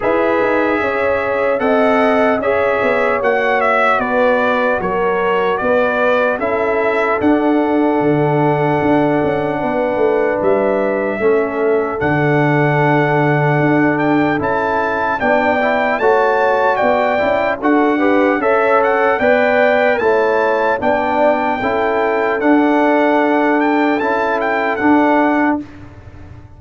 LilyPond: <<
  \new Staff \with { instrumentName = "trumpet" } { \time 4/4 \tempo 4 = 75 e''2 fis''4 e''4 | fis''8 e''8 d''4 cis''4 d''4 | e''4 fis''2.~ | fis''4 e''2 fis''4~ |
fis''4. g''8 a''4 g''4 | a''4 g''4 fis''4 e''8 fis''8 | g''4 a''4 g''2 | fis''4. g''8 a''8 g''8 fis''4 | }
  \new Staff \with { instrumentName = "horn" } { \time 4/4 b'4 cis''4 dis''4 cis''4~ | cis''4 b'4 ais'4 b'4 | a'1 | b'2 a'2~ |
a'2. d''4 | cis''4 d''4 a'8 b'8 cis''4 | d''4 cis''4 d''4 a'4~ | a'1 | }
  \new Staff \with { instrumentName = "trombone" } { \time 4/4 gis'2 a'4 gis'4 | fis'1 | e'4 d'2.~ | d'2 cis'4 d'4~ |
d'2 e'4 d'8 e'8 | fis'4. e'8 fis'8 g'8 a'4 | b'4 e'4 d'4 e'4 | d'2 e'4 d'4 | }
  \new Staff \with { instrumentName = "tuba" } { \time 4/4 e'8 dis'8 cis'4 c'4 cis'8 b8 | ais4 b4 fis4 b4 | cis'4 d'4 d4 d'8 cis'8 | b8 a8 g4 a4 d4~ |
d4 d'4 cis'4 b4 | a4 b8 cis'8 d'4 cis'4 | b4 a4 b4 cis'4 | d'2 cis'4 d'4 | }
>>